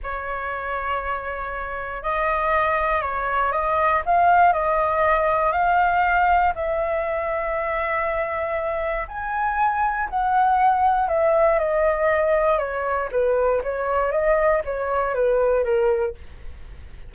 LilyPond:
\new Staff \with { instrumentName = "flute" } { \time 4/4 \tempo 4 = 119 cis''1 | dis''2 cis''4 dis''4 | f''4 dis''2 f''4~ | f''4 e''2.~ |
e''2 gis''2 | fis''2 e''4 dis''4~ | dis''4 cis''4 b'4 cis''4 | dis''4 cis''4 b'4 ais'4 | }